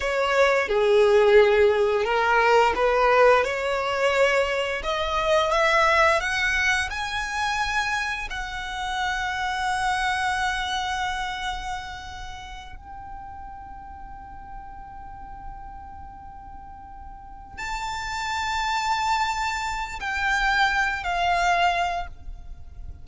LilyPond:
\new Staff \with { instrumentName = "violin" } { \time 4/4 \tempo 4 = 87 cis''4 gis'2 ais'4 | b'4 cis''2 dis''4 | e''4 fis''4 gis''2 | fis''1~ |
fis''2~ fis''8 g''4.~ | g''1~ | g''4. a''2~ a''8~ | a''4 g''4. f''4. | }